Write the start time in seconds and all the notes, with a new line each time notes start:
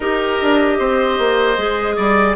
0.00 D#4 G4 A#4 D#5
0.41 D4
0.78 C4 C5
1.18 A#3
1.57 G#3 G#4
1.96 G3 D5